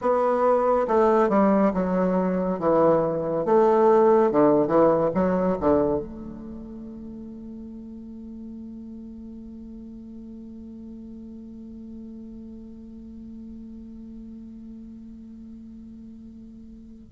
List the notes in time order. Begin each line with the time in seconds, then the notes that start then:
0.01 B3
0.87 A3
1.29 G3
1.73 F#3
2.59 E3
3.45 A3
4.31 D3
4.67 E3
5.14 F#3
5.60 D3
5.98 A3